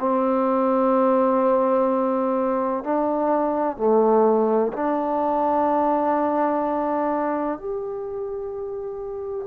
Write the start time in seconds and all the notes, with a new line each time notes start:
0.00 C4
2.84 D4
3.77 A3
4.74 D4
7.59 G4